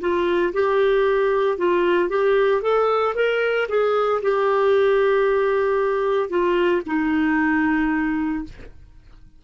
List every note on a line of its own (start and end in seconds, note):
0.00 0.53 F4
0.53 1.57 G4
1.57 2.09 F4
2.09 2.62 G4
2.62 3.14 A4
3.15 3.67 A#4
3.68 4.21 G#4
4.22 6.29 G4
6.29 6.82 F4
6.86 8.44 D#4